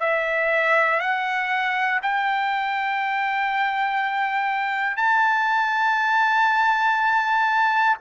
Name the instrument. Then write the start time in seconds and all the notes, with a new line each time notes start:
trumpet
0.00 E5
1.00 F#5
2.02 G5
4.96 A5